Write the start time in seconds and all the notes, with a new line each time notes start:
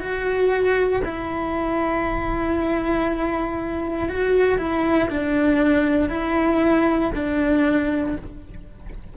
0.00 F#4
1.04 E4
4.09 F#4
4.58 E4
5.09 D4
6.09 E4
7.15 D4